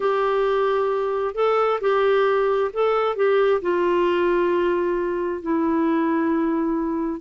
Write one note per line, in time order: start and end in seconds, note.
0.00 1.34 G4
1.34 1.79 A4
1.80 2.71 G4
2.73 3.16 A4
3.16 3.61 G4
3.61 5.41 F4
5.41 7.20 E4